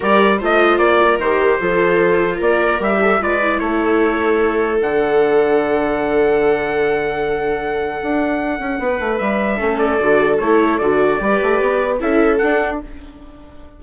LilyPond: <<
  \new Staff \with { instrumentName = "trumpet" } { \time 4/4 \tempo 4 = 150 d''4 dis''4 d''4 c''4~ | c''2 d''4 e''4 | d''4 cis''2. | fis''1~ |
fis''1~ | fis''2. e''4~ | e''8 d''4. cis''4 d''4~ | d''2 e''4 fis''4 | }
  \new Staff \with { instrumentName = "viola" } { \time 4/4 ais'4 c''4. ais'4. | a'2 ais'4. a'8 | b'4 a'2.~ | a'1~ |
a'1~ | a'2 b'2 | a'1 | b'2 a'2 | }
  \new Staff \with { instrumentName = "viola" } { \time 4/4 g'4 f'2 g'4 | f'2. g'4 | f'8 e'2.~ e'8 | d'1~ |
d'1~ | d'1 | cis'4 fis'4 e'4 fis'4 | g'2 e'4 d'4 | }
  \new Staff \with { instrumentName = "bassoon" } { \time 4/4 g4 a4 ais4 dis4 | f2 ais4 g4 | gis4 a2. | d1~ |
d1 | d'4. cis'8 b8 a8 g4 | a4 d4 a4 d4 | g8 a8 b4 cis'4 d'4 | }
>>